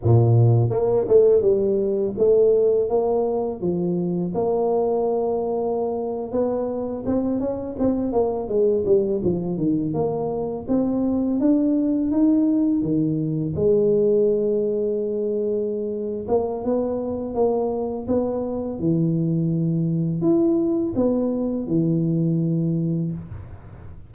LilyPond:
\new Staff \with { instrumentName = "tuba" } { \time 4/4 \tempo 4 = 83 ais,4 ais8 a8 g4 a4 | ais4 f4 ais2~ | ais8. b4 c'8 cis'8 c'8 ais8 gis16~ | gis16 g8 f8 dis8 ais4 c'4 d'16~ |
d'8. dis'4 dis4 gis4~ gis16~ | gis2~ gis8 ais8 b4 | ais4 b4 e2 | e'4 b4 e2 | }